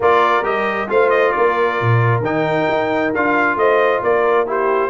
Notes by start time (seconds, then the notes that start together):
0.00 A#3 F4 A#4 D5
0.43 G3 G4 D#5
0.88 A3 F4 C5 F5
1.10 D#5
1.32 A#3 A#4 D5
1.80 A#2
2.20 D#3 D#4 G5
2.70 D#4
3.14 D4 F4 F5
3.55 A3 C5 D#5
4.02 A#3 A#4 D5
4.46 E4 G4 C5